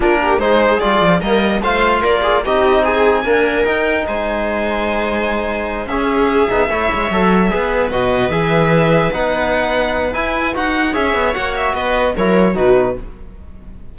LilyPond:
<<
  \new Staff \with { instrumentName = "violin" } { \time 4/4 \tempo 4 = 148 ais'4 c''4 d''4 dis''4 | f''4 d''4 dis''4 gis''4~ | gis''4 g''4 gis''2~ | gis''2~ gis''8 e''4.~ |
e''2.~ e''8 dis''8~ | dis''8 e''2 fis''4.~ | fis''4 gis''4 fis''4 e''4 | fis''8 e''8 dis''4 cis''4 b'4 | }
  \new Staff \with { instrumentName = "viola" } { \time 4/4 f'8 g'8 gis'2 ais'4 | c''4 ais'8 gis'8 g'4 gis'4 | ais'2 c''2~ | c''2~ c''8 gis'4.~ |
gis'8 cis''2 b'4.~ | b'1~ | b'2. cis''4~ | cis''4 b'4 ais'4 fis'4 | }
  \new Staff \with { instrumentName = "trombone" } { \time 4/4 d'4 dis'4 f'4 ais4 | f'2 dis'2 | ais4 dis'2.~ | dis'2~ dis'8 cis'4. |
dis'8 e'4 a'4 gis'4 fis'8~ | fis'8 gis'2 dis'4.~ | dis'4 e'4 fis'4 gis'4 | fis'2 e'4 dis'4 | }
  \new Staff \with { instrumentName = "cello" } { \time 4/4 ais4 gis4 g8 f8 g4 | a4 ais4 c'2 | d'4 dis'4 gis2~ | gis2~ gis8 cis'4. |
b8 a8 gis8 fis4 b4 b,8~ | b,8 e2 b4.~ | b4 e'4 dis'4 cis'8 b8 | ais4 b4 fis4 b,4 | }
>>